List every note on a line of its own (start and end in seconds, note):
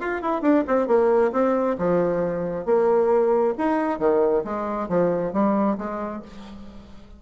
0.00 0.22 F4
0.22 0.42 E4
0.42 0.64 D4
0.67 0.87 C4
0.87 1.32 A#3
1.32 1.76 C4
1.78 2.65 F3
2.65 3.54 A#3
3.58 3.99 D#4
3.99 4.43 D#3
4.44 4.88 G#3
4.88 5.33 F3
5.33 5.77 G3
5.78 6.22 G#3